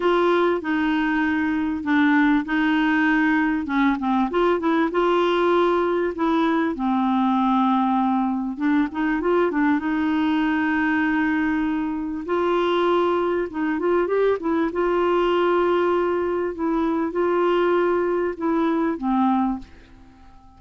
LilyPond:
\new Staff \with { instrumentName = "clarinet" } { \time 4/4 \tempo 4 = 98 f'4 dis'2 d'4 | dis'2 cis'8 c'8 f'8 e'8 | f'2 e'4 c'4~ | c'2 d'8 dis'8 f'8 d'8 |
dis'1 | f'2 dis'8 f'8 g'8 e'8 | f'2. e'4 | f'2 e'4 c'4 | }